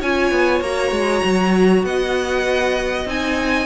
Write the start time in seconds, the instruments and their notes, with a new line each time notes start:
0.00 cello C#4, viola F4, violin C#5 G#5
0.32 cello B3
0.61 cello A#3, viola F#4, violin A#5
0.91 cello G#3
1.24 cello F#3
1.84 cello B3, violin D#5 F#5
3.06 cello C4, viola D#4, violin G#5